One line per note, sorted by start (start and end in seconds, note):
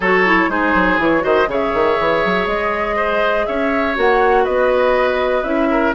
0.00 0.46 F#3
0.00 0.26 F#4
0.00 0.50 A4
0.00 0.50 C#5
0.26 0.49 E4
0.49 0.73 G#3
0.49 0.98 D#4
0.49 1.23 G#4
0.49 1.00 C5
0.74 0.98 F#3
0.98 1.23 E3
0.98 1.20 E4
0.98 1.24 C#5
1.20 1.47 D#3
1.20 1.45 F#4
1.20 1.48 C5
1.20 1.49 D#5
1.47 1.72 C#3
1.47 3.95 G#4
1.47 2.96 C#5
1.47 2.47 E5
1.73 1.98 D#3
1.99 2.24 E3
2.24 2.47 F#3
2.47 3.46 G#3
2.47 3.46 D#5
2.96 3.45 C5
3.46 3.97 C#4
3.46 4.44 C#5
3.46 3.95 E5
3.95 4.46 A#3
3.95 5.43 F#4
3.95 4.44 F#5
4.44 5.43 B3
4.44 5.68 B4
4.44 5.43 D#5
5.43 5.92 C#4
5.43 5.93 E4
5.43 5.93 E5
5.70 5.95 A#4